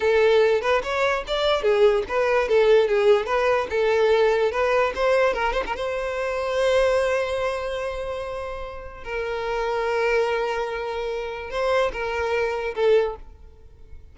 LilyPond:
\new Staff \with { instrumentName = "violin" } { \time 4/4 \tempo 4 = 146 a'4. b'8 cis''4 d''4 | gis'4 b'4 a'4 gis'4 | b'4 a'2 b'4 | c''4 ais'8 c''16 ais'16 c''2~ |
c''1~ | c''2 ais'2~ | ais'1 | c''4 ais'2 a'4 | }